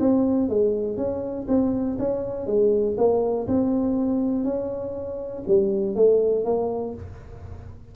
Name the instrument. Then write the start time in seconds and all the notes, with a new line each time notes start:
tuba
0.00 C4
0.49 G#3
0.97 C#4
1.48 C4
1.99 C#4
2.47 G#3
2.98 A#3
3.47 C4
4.44 C#4
5.48 G3
5.95 A3
6.45 A#3